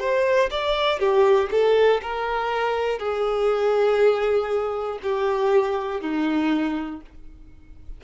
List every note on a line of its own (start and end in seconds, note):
0.00 0.50 C5
0.51 0.99 D5
0.99 1.49 G4
1.51 2.01 A4
2.02 2.99 A#4
2.99 4.99 G#4
5.02 6.01 G4
6.01 7.01 D#4